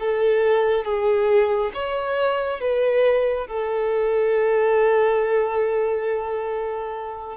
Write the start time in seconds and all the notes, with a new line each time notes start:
0.00 A4
0.85 G#4
1.74 C#5
2.61 B4
3.47 A4